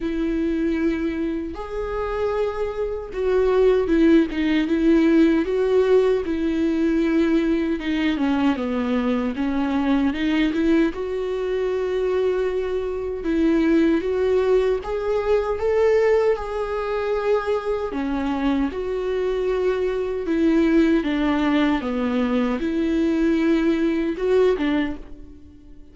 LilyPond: \new Staff \with { instrumentName = "viola" } { \time 4/4 \tempo 4 = 77 e'2 gis'2 | fis'4 e'8 dis'8 e'4 fis'4 | e'2 dis'8 cis'8 b4 | cis'4 dis'8 e'8 fis'2~ |
fis'4 e'4 fis'4 gis'4 | a'4 gis'2 cis'4 | fis'2 e'4 d'4 | b4 e'2 fis'8 d'8 | }